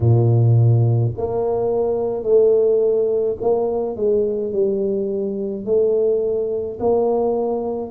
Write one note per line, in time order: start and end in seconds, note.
0.00 1.12 A#2
1.17 2.23 A#3
2.23 3.36 A3
3.41 3.96 A#3
3.96 4.52 G#3
4.52 5.65 G3
5.65 6.78 A3
6.79 7.91 A#3